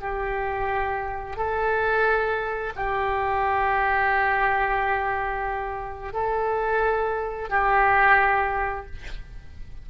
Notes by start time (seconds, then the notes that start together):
0.00 G4
1.37 A4
2.76 G4
6.13 A4
7.49 G4